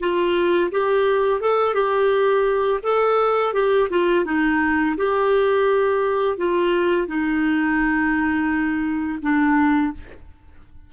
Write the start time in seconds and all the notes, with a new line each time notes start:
0.00 F4
0.71 G4
1.41 A4
1.74 G4
2.83 A4
3.53 G4
3.90 F4
4.25 D#4
4.97 G4
6.38 F4
7.07 D#4
9.22 D4